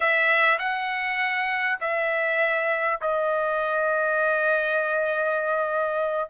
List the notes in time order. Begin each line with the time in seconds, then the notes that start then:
0.00 E5
0.58 F#5
1.80 E5
3.01 D#5